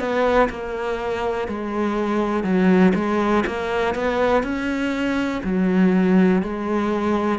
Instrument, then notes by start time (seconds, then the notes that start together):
cello
0.00 B3
0.50 A#3
1.48 G#3
2.44 F#3
2.95 G#3
3.47 A#3
3.95 B3
4.44 C#4
5.45 F#3
6.43 G#3